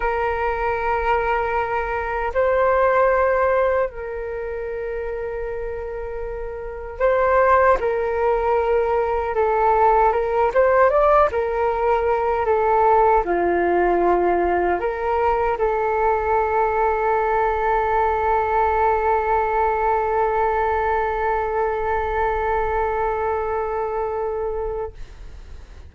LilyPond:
\new Staff \with { instrumentName = "flute" } { \time 4/4 \tempo 4 = 77 ais'2. c''4~ | c''4 ais'2.~ | ais'4 c''4 ais'2 | a'4 ais'8 c''8 d''8 ais'4. |
a'4 f'2 ais'4 | a'1~ | a'1~ | a'1 | }